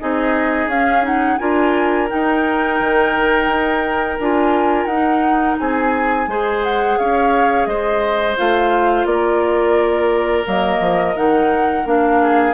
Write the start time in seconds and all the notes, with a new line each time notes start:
0.00 C4 D#4 G#4 D#5
0.67 C#4 F5
1.03 D#4 F#5
1.38 D4 F4 A#4 G#5
2.09 D#4 G5
2.81 D#3
3.48 D#4
4.20 D4 F4 G#5
4.86 D#4 F#5
5.60 C4 G#4 G#5
6.28 G#3 G#4 C5
6.64 F#5
6.99 C#4 C#5 F5
7.66 G#3 C5 D#5
8.37 A3 F4 F5
9.06 A#3 A#4 D5
10.45 F#3 A#3 D#5
10.80 F3
11.16 D#3 D#4 F#5
11.85 A#3 D4 F5
12.22 G#4